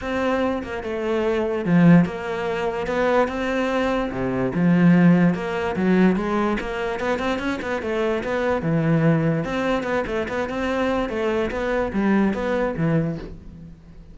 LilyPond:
\new Staff \with { instrumentName = "cello" } { \time 4/4 \tempo 4 = 146 c'4. ais8 a2 | f4 ais2 b4 | c'2 c4 f4~ | f4 ais4 fis4 gis4 |
ais4 b8 c'8 cis'8 b8 a4 | b4 e2 c'4 | b8 a8 b8 c'4. a4 | b4 g4 b4 e4 | }